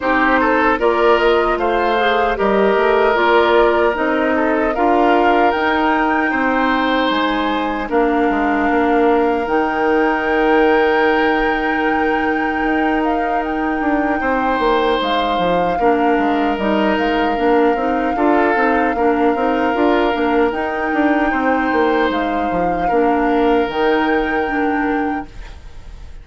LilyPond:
<<
  \new Staff \with { instrumentName = "flute" } { \time 4/4 \tempo 4 = 76 c''4 d''8 dis''8 f''4 dis''4 | d''4 dis''4 f''4 g''4~ | g''4 gis''4 f''2 | g''1~ |
g''8 f''8 g''2 f''4~ | f''4 dis''8 f''2~ f''8~ | f''2 g''2 | f''2 g''2 | }
  \new Staff \with { instrumentName = "oboe" } { \time 4/4 g'8 a'8 ais'4 c''4 ais'4~ | ais'4. a'8 ais'2 | c''2 ais'2~ | ais'1~ |
ais'2 c''2 | ais'2. a'4 | ais'2. c''4~ | c''4 ais'2. | }
  \new Staff \with { instrumentName = "clarinet" } { \time 4/4 dis'4 f'4. gis'8 g'4 | f'4 dis'4 f'4 dis'4~ | dis'2 d'2 | dis'1~ |
dis'1 | d'4 dis'4 d'8 dis'8 f'8 dis'8 | d'8 dis'8 f'8 d'8 dis'2~ | dis'4 d'4 dis'4 d'4 | }
  \new Staff \with { instrumentName = "bassoon" } { \time 4/4 c'4 ais4 a4 g8 a8 | ais4 c'4 d'4 dis'4 | c'4 gis4 ais8 gis8 ais4 | dis1 |
dis'4. d'8 c'8 ais8 gis8 f8 | ais8 gis8 g8 gis8 ais8 c'8 d'8 c'8 | ais8 c'8 d'8 ais8 dis'8 d'8 c'8 ais8 | gis8 f8 ais4 dis2 | }
>>